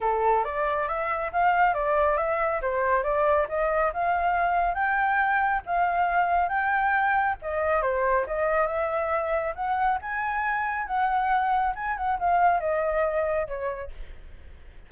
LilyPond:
\new Staff \with { instrumentName = "flute" } { \time 4/4 \tempo 4 = 138 a'4 d''4 e''4 f''4 | d''4 e''4 c''4 d''4 | dis''4 f''2 g''4~ | g''4 f''2 g''4~ |
g''4 dis''4 c''4 dis''4 | e''2 fis''4 gis''4~ | gis''4 fis''2 gis''8 fis''8 | f''4 dis''2 cis''4 | }